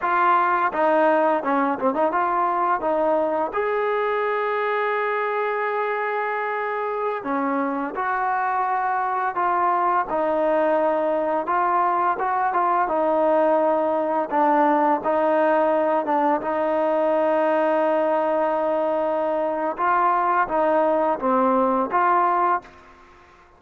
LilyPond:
\new Staff \with { instrumentName = "trombone" } { \time 4/4 \tempo 4 = 85 f'4 dis'4 cis'8 c'16 dis'16 f'4 | dis'4 gis'2.~ | gis'2~ gis'16 cis'4 fis'8.~ | fis'4~ fis'16 f'4 dis'4.~ dis'16~ |
dis'16 f'4 fis'8 f'8 dis'4.~ dis'16~ | dis'16 d'4 dis'4. d'8 dis'8.~ | dis'1 | f'4 dis'4 c'4 f'4 | }